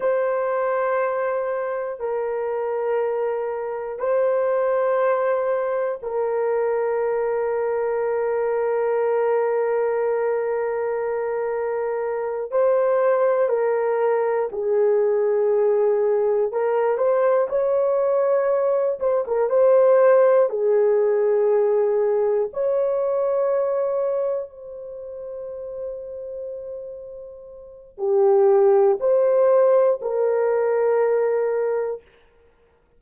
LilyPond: \new Staff \with { instrumentName = "horn" } { \time 4/4 \tempo 4 = 60 c''2 ais'2 | c''2 ais'2~ | ais'1~ | ais'8 c''4 ais'4 gis'4.~ |
gis'8 ais'8 c''8 cis''4. c''16 ais'16 c''8~ | c''8 gis'2 cis''4.~ | cis''8 c''2.~ c''8 | g'4 c''4 ais'2 | }